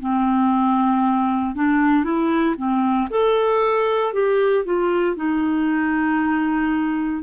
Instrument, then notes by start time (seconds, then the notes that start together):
clarinet
0.00 C4
1.55 D4
2.04 E4
2.57 C4
3.10 A4
4.13 G4
4.65 F4
5.16 D#4